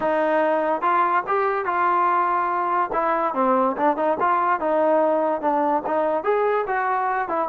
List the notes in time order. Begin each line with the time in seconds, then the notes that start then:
0.00 D#4
0.81 F4
1.27 G4
1.65 F4
2.92 E4
3.34 C4
3.77 D4
3.96 D#4
4.20 F4
4.59 D#4
5.41 D4
5.86 D#4
6.23 G#4
6.66 F#4
7.28 E4